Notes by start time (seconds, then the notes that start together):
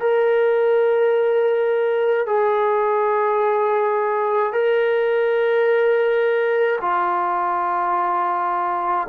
0.00 A#4
2.26 G#4
4.53 A#4
6.81 F4